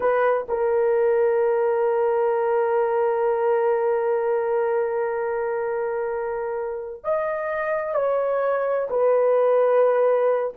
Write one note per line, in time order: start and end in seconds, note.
0.00 0.46 B4
0.48 7.04 A#4
7.04 7.94 D#5
7.94 8.88 C#5
8.90 10.54 B4